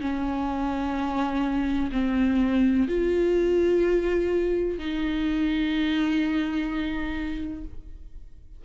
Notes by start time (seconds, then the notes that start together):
0.00 C#4
1.92 C4
2.87 F4
4.78 D#4